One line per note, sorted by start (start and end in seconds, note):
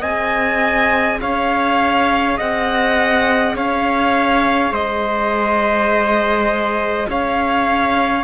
0.00 1.20 C4
0.00 8.24 G#4
0.00 1.18 D#5
0.00 1.20 G#5
1.21 2.40 C#4
1.21 2.37 C#5
1.21 2.39 F5
2.37 3.56 C4
2.37 3.55 D#5
2.37 3.57 F#5
3.56 4.71 C#4
3.56 4.72 C#5
3.56 4.74 F5
4.71 7.07 G#3
4.71 7.07 C5
4.71 7.10 D#5
7.09 8.24 C#4
7.09 8.24 C#5
7.09 8.24 F5